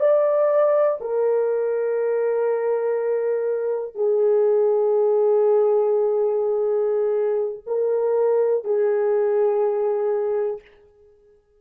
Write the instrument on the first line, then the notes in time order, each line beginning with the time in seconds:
horn
0.00 D5
1.01 A#4
3.95 G#4
7.67 A#4
8.65 G#4